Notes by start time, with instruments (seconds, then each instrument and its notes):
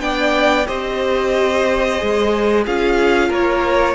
0.00 cello B3, viola D4, violin D5 G5
0.66 cello C4, viola G4, violin C5 D#5
1.97 cello G#3, viola G#4
2.63 cello C#4, viola F4, violin G#4 F5
3.28 cello A#3, violin A#4 C#5